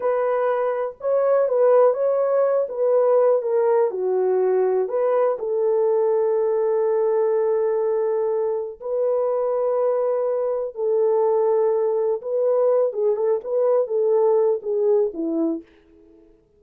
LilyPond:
\new Staff \with { instrumentName = "horn" } { \time 4/4 \tempo 4 = 123 b'2 cis''4 b'4 | cis''4. b'4. ais'4 | fis'2 b'4 a'4~ | a'1~ |
a'2 b'2~ | b'2 a'2~ | a'4 b'4. gis'8 a'8 b'8~ | b'8 a'4. gis'4 e'4 | }